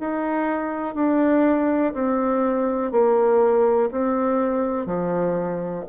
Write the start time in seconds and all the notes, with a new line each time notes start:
0.00 D#4
0.95 D4
1.94 C4
2.92 A#3
3.91 C4
4.86 F3